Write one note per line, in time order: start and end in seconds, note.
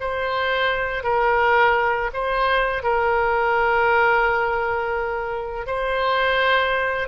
0.00 1.03 C5
1.03 2.10 A#4
2.13 2.82 C5
2.82 5.66 A#4
5.66 7.08 C5